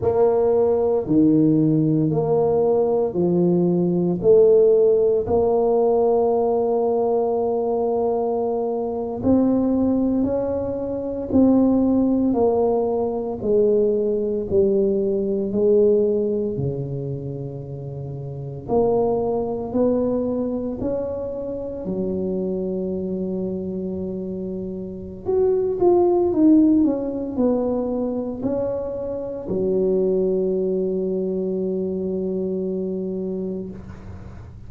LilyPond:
\new Staff \with { instrumentName = "tuba" } { \time 4/4 \tempo 4 = 57 ais4 dis4 ais4 f4 | a4 ais2.~ | ais8. c'4 cis'4 c'4 ais16~ | ais8. gis4 g4 gis4 cis16~ |
cis4.~ cis16 ais4 b4 cis'16~ | cis'8. fis2.~ fis16 | fis'8 f'8 dis'8 cis'8 b4 cis'4 | fis1 | }